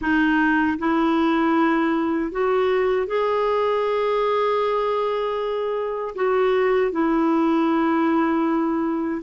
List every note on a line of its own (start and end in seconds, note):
0.01 0.78 D#4
0.78 2.31 E4
2.31 3.07 F#4
3.07 6.14 G#4
6.15 6.91 F#4
6.91 9.22 E4